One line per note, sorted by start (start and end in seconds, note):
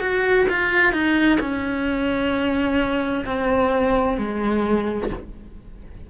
0.00 0.46 F#4
0.49 0.92 F4
0.92 1.38 D#4
1.40 3.24 C#4
3.25 4.17 C4
4.17 5.10 G#3